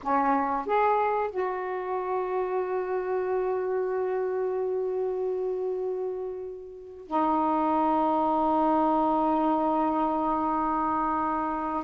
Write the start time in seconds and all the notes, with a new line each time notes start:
0.02 C#4
0.66 G#4
1.30 F#4
7.07 D#4